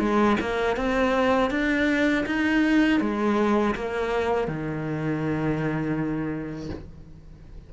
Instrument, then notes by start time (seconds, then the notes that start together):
cello
0.00 G#3
0.40 A#3
0.77 C4
1.51 D4
2.27 D#4
3.01 G#3
3.76 A#3
4.48 D#3